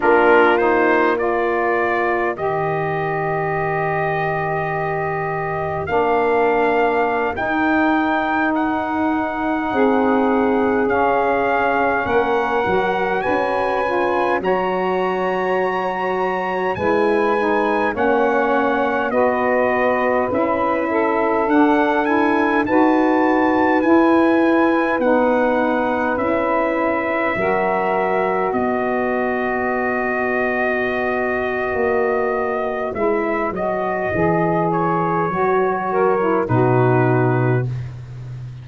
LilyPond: <<
  \new Staff \with { instrumentName = "trumpet" } { \time 4/4 \tempo 4 = 51 ais'8 c''8 d''4 dis''2~ | dis''4 f''4~ f''16 g''4 fis''8.~ | fis''4~ fis''16 f''4 fis''4 gis''8.~ | gis''16 ais''2 gis''4 fis''8.~ |
fis''16 dis''4 e''4 fis''8 gis''8 a''8.~ | a''16 gis''4 fis''4 e''4.~ e''16~ | e''16 dis''2.~ dis''8. | e''8 dis''4 cis''4. b'4 | }
  \new Staff \with { instrumentName = "saxophone" } { \time 4/4 f'4 ais'2.~ | ais'1~ | ais'16 gis'2 ais'4 b'8.~ | b'16 cis''2 b'4 cis''8.~ |
cis''16 b'4. a'4. b'8.~ | b'2.~ b'16 ais'8.~ | ais'16 b'2.~ b'8.~ | b'2~ b'8 ais'8 fis'4 | }
  \new Staff \with { instrumentName = "saxophone" } { \time 4/4 d'8 dis'8 f'4 g'2~ | g'4 d'4~ d'16 dis'4.~ dis'16~ | dis'4~ dis'16 cis'4. fis'4 f'16~ | f'16 fis'2 e'8 dis'8 cis'8.~ |
cis'16 fis'4 e'4 d'8 e'8 fis'8.~ | fis'16 e'4 dis'4 e'4 fis'8.~ | fis'1 | e'8 fis'8 gis'4 fis'8. e'16 dis'4 | }
  \new Staff \with { instrumentName = "tuba" } { \time 4/4 ais2 dis2~ | dis4 ais4~ ais16 dis'4.~ dis'16~ | dis'16 c'4 cis'4 ais8 fis8 cis'8.~ | cis'16 fis2 gis4 ais8.~ |
ais16 b4 cis'4 d'4 dis'8.~ | dis'16 e'4 b4 cis'4 fis8.~ | fis16 b2~ b8. ais4 | gis8 fis8 e4 fis4 b,4 | }
>>